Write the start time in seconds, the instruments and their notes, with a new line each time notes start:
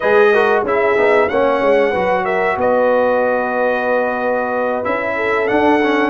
0.00 tuba G#3, trombone G#4, horn B4, trumpet D#5
0.32 trombone F#4, horn A#4
0.63 tuba C#4, trombone E4, horn G#4, trumpet E5
0.97 tuba B3, trombone D#4
1.28 tuba A#3, trombone C#4, horn C#5, trumpet F#5
1.61 tuba G#3
1.90 tuba F#3, trombone F#4, horn B4
2.24 horn A#4, trumpet E5
2.56 tuba B3, horn B4, trumpet D#5
4.84 tuba C#4, trombone E4, trumpet E5
5.15 horn A4
5.47 trombone D4, tuba D4, trumpet F#5
5.82 trombone C#4